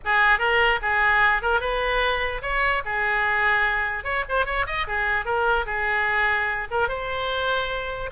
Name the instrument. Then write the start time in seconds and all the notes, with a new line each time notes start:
oboe
0.04 G#4
0.39 A#4
0.82 G#4
1.42 A#4
1.60 B4
2.42 C#5
2.85 G#4
4.04 C#5
4.28 C5
4.45 C#5
4.66 D#5
4.87 G#4
5.25 A#4
5.66 G#4
6.70 A#4
6.88 C5